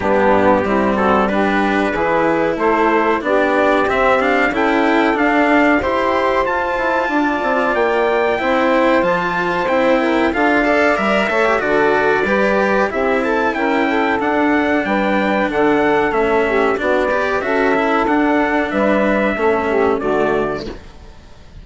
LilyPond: <<
  \new Staff \with { instrumentName = "trumpet" } { \time 4/4 \tempo 4 = 93 g'4. a'8 b'2 | c''4 d''4 e''8 f''8 g''4 | f''4 c'''4 a''2 | g''2 a''4 g''4 |
f''4 e''4 d''2 | e''8 a''8 g''4 fis''4 g''4 | fis''4 e''4 d''4 e''4 | fis''4 e''2 d''4 | }
  \new Staff \with { instrumentName = "saxophone" } { \time 4/4 d'4 e'8 fis'8 g'4 gis'4 | a'4 g'2 a'4~ | a'4 c''2 d''4~ | d''4 c''2~ c''8 ais'8 |
a'8 d''4 cis''8 a'4 b'4 | g'8 a'8 ais'8 a'4. b'4 | a'4. g'8 fis'8 b'8 a'4~ | a'4 b'4 a'8 g'8 fis'4 | }
  \new Staff \with { instrumentName = "cello" } { \time 4/4 b4 c'4 d'4 e'4~ | e'4 d'4 c'8 d'8 e'4 | d'4 g'4 f'2~ | f'4 e'4 f'4 e'4 |
f'8 a'8 ais'8 a'16 g'16 fis'4 g'4 | e'2 d'2~ | d'4 cis'4 d'8 g'8 fis'8 e'8 | d'2 cis'4 a4 | }
  \new Staff \with { instrumentName = "bassoon" } { \time 4/4 g,4 g2 e4 | a4 b4 c'4 cis'4 | d'4 e'4 f'8 e'8 d'8 c'8 | ais4 c'4 f4 c'4 |
d'4 g8 a8 d4 g4 | c'4 cis'4 d'4 g4 | d4 a4 b4 cis'4 | d'4 g4 a4 d4 | }
>>